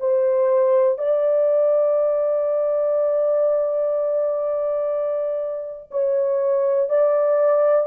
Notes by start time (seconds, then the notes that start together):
0.00 C5
0.98 D5
5.92 C#5
6.90 D5